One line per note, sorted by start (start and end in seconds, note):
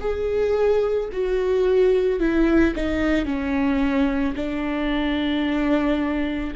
0.00 1.09 G#4
1.12 2.19 F#4
2.19 2.74 E4
2.75 3.25 D#4
3.25 4.34 C#4
4.35 6.54 D4